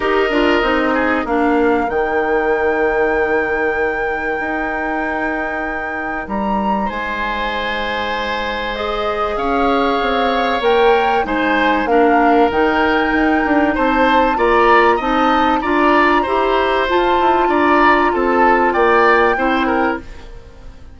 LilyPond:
<<
  \new Staff \with { instrumentName = "flute" } { \time 4/4 \tempo 4 = 96 dis''2 f''4 g''4~ | g''1~ | g''2 ais''4 gis''4~ | gis''2 dis''4 f''4~ |
f''4 g''4 gis''4 f''4 | g''2 a''4 ais''4 | a''4 ais''2 a''4 | ais''4 a''4 g''2 | }
  \new Staff \with { instrumentName = "oboe" } { \time 4/4 ais'4. gis'8 ais'2~ | ais'1~ | ais'2. c''4~ | c''2. cis''4~ |
cis''2 c''4 ais'4~ | ais'2 c''4 d''4 | dis''4 d''4 c''2 | d''4 a'4 d''4 c''8 ais'8 | }
  \new Staff \with { instrumentName = "clarinet" } { \time 4/4 g'8 f'8 dis'4 d'4 dis'4~ | dis'1~ | dis'1~ | dis'2 gis'2~ |
gis'4 ais'4 dis'4 d'4 | dis'2. f'4 | dis'4 f'4 g'4 f'4~ | f'2. e'4 | }
  \new Staff \with { instrumentName = "bassoon" } { \time 4/4 dis'8 d'8 c'4 ais4 dis4~ | dis2. dis'4~ | dis'2 g4 gis4~ | gis2. cis'4 |
c'4 ais4 gis4 ais4 | dis4 dis'8 d'8 c'4 ais4 | c'4 d'4 e'4 f'8 e'8 | d'4 c'4 ais4 c'4 | }
>>